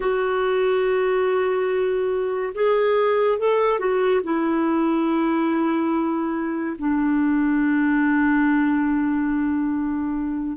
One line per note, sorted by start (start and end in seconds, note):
0.00 2.53 F#4
2.54 3.38 G#4
3.38 3.79 A4
3.79 4.21 F#4
4.23 6.76 E4
6.78 10.57 D4